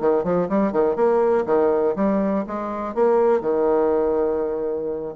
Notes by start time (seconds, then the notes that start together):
0.00 D#3
0.23 F3
0.48 G3
0.72 D#3
0.95 A#3
1.46 D#3
1.95 G3
2.47 G#3
2.94 A#3
3.41 D#3